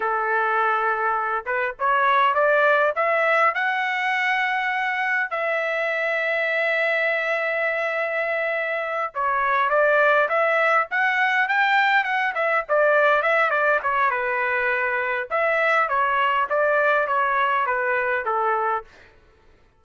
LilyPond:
\new Staff \with { instrumentName = "trumpet" } { \time 4/4 \tempo 4 = 102 a'2~ a'8 b'8 cis''4 | d''4 e''4 fis''2~ | fis''4 e''2.~ | e''2.~ e''8 cis''8~ |
cis''8 d''4 e''4 fis''4 g''8~ | g''8 fis''8 e''8 d''4 e''8 d''8 cis''8 | b'2 e''4 cis''4 | d''4 cis''4 b'4 a'4 | }